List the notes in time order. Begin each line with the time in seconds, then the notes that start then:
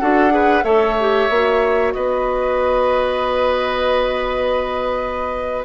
0.00 D4 F#4 A4 F#5
0.30 G#4 B4
0.64 A3 A4 C#5 E5
1.00 G4
1.30 A#3 F#4
1.93 B3 B4 D#5